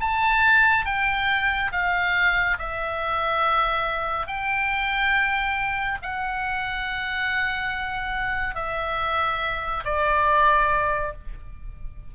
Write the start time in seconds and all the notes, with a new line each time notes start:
0.00 A5
0.86 G5
1.72 F5
2.59 E5
4.27 G5
6.02 F#5
8.55 E5
9.85 D5